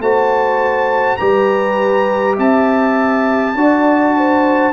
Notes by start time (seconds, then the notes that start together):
0.00 A3 F#4 C5 A5
1.17 G3 G4 B4 A#5
2.36 C4 E5 A5
3.55 D4 F#4 D5
4.17 C5